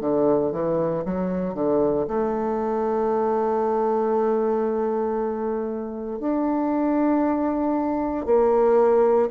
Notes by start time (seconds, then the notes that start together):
0.00 D3
0.52 E3
1.05 F#3
1.54 D3
2.07 A3
6.19 D4
8.25 A#3